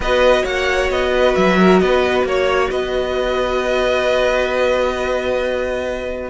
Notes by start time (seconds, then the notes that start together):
0.00 B3 F#4 B4 D#5
0.42 A#3 C#5 F#5
0.90 B3 D#5
1.14 B4
1.35 F#3 E5
1.59 A#4
1.79 B3 B4 D#5
2.23 A#3 C#5
2.70 B3 B4 D#5